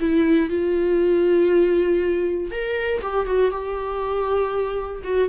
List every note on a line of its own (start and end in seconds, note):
0.00 0.49 E4
0.49 2.51 F4
2.51 3.01 A#4
3.02 3.26 G4
3.26 3.51 F#4
3.51 5.02 G4
5.04 5.29 F#4